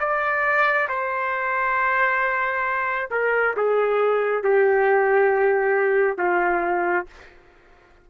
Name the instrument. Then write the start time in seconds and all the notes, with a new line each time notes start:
trumpet
0.00 D5
0.89 C5
3.11 A#4
3.57 G#4
4.44 G4
6.18 F4